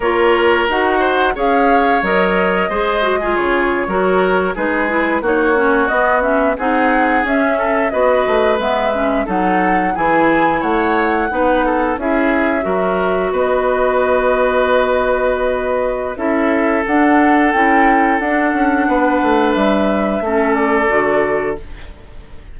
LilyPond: <<
  \new Staff \with { instrumentName = "flute" } { \time 4/4 \tempo 4 = 89 cis''4 fis''4 f''4 dis''4~ | dis''4 cis''4.~ cis''16 b'4 cis''16~ | cis''8. dis''8 e''8 fis''4 e''4 dis''16~ | dis''8. e''4 fis''4 gis''4 fis''16~ |
fis''4.~ fis''16 e''2 dis''16~ | dis''1 | e''4 fis''4 g''4 fis''4~ | fis''4 e''4. d''4. | }
  \new Staff \with { instrumentName = "oboe" } { \time 4/4 ais'4. c''8 cis''2 | c''8. gis'4 ais'4 gis'4 fis'16~ | fis'4.~ fis'16 gis'4. a'8 b'16~ | b'4.~ b'16 a'4 gis'4 cis''16~ |
cis''8. b'8 a'8 gis'4 ais'4 b'16~ | b'1 | a'1 | b'2 a'2 | }
  \new Staff \with { instrumentName = "clarinet" } { \time 4/4 f'4 fis'4 gis'4 ais'4 | gis'8 fis'16 f'4 fis'4 dis'8 e'8 dis'16~ | dis'16 cis'8 b8 cis'8 dis'4 cis'4 fis'16~ | fis'8. b8 cis'8 dis'4 e'4~ e'16~ |
e'8. dis'4 e'4 fis'4~ fis'16~ | fis'1 | e'4 d'4 e'4 d'4~ | d'2 cis'4 fis'4 | }
  \new Staff \with { instrumentName = "bassoon" } { \time 4/4 ais4 dis'4 cis'4 fis4 | gis4 cis8. fis4 gis4 ais16~ | ais8. b4 c'4 cis'4 b16~ | b16 a8 gis4 fis4 e4 a16~ |
a8. b4 cis'4 fis4 b16~ | b1 | cis'4 d'4 cis'4 d'8 cis'8 | b8 a8 g4 a4 d4 | }
>>